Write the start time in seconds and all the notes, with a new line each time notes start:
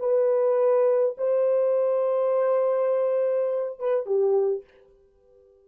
0.00 B4
1.18 C5
3.79 B4
4.06 G4